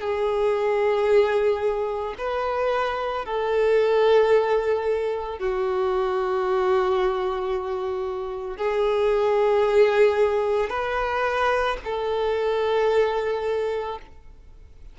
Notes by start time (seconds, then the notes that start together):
0.00 G#4
2.18 B4
3.25 A4
5.39 F#4
8.57 G#4
10.69 B4
11.84 A4